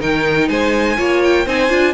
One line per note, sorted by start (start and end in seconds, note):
0.00 0.50 D#3
0.00 0.98 D#4
0.00 0.49 A#4
0.00 0.49 G5
0.49 0.98 G#3
0.49 0.97 C5
0.49 1.22 G#5
0.97 1.47 A#3
0.97 1.46 F4
0.97 1.46 C#5
1.24 1.48 G5
1.46 1.70 C4
1.46 1.70 D#4
1.46 1.94 C5
1.46 1.94 G#5
1.70 1.94 D4
1.70 1.94 F4